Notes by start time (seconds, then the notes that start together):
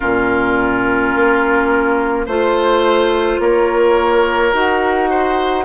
0.00 A#2 C#4 F4 A#4
1.15 A#3
2.25 A3 F4 C5
3.39 A#3 A#4 C#5
4.53 D#4 F#4 F#5
5.10 C5